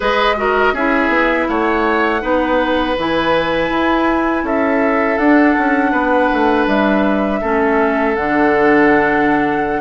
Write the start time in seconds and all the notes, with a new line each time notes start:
0.00 G#3 G#4 B4 D#5
0.36 F#4 A#4
0.72 C#4 E4 G#4 E5
1.08 B3
1.48 A3 C#5 F#5
2.20 B3 D#4 B4
2.97 E3 E4 G#5
3.70 E4
4.43 C#4 A4 E5
5.17 D4 F#5
5.58 C#4
5.91 B3 B4
6.33 A3
6.67 G3 E5
7.40 A3 C#4 A4
8.15 D3 D4 F#5